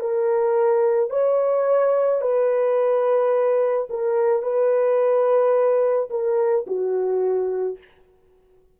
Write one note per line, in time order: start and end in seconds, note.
0.00 1.10 A#4
1.10 2.21 C#5
2.21 3.87 B4
3.89 4.42 A#4
4.42 6.09 B4
6.10 6.66 A#4
6.67 7.78 F#4